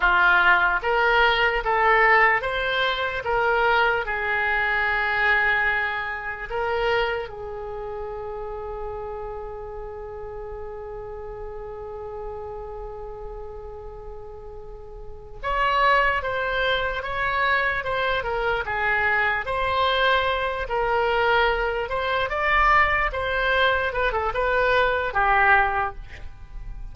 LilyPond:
\new Staff \with { instrumentName = "oboe" } { \time 4/4 \tempo 4 = 74 f'4 ais'4 a'4 c''4 | ais'4 gis'2. | ais'4 gis'2.~ | gis'1~ |
gis'2. cis''4 | c''4 cis''4 c''8 ais'8 gis'4 | c''4. ais'4. c''8 d''8~ | d''8 c''4 b'16 a'16 b'4 g'4 | }